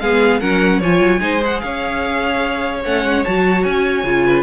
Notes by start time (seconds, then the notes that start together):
0.00 G#3 B3 G#4 F5
0.40 F#3 C#4 A#4 F#5
0.79 F3 F4 C#5 G#5
1.00 F#3
1.20 G#3 D#4 C5
1.40 G#4 F#5
1.60 C#4 C#5 F5
2.84 A3 C#4 F#5
3.04 G#3
3.24 F#3 F#4 A5
3.64 C#4 G#5
4.04 C#3 F4
4.26 B4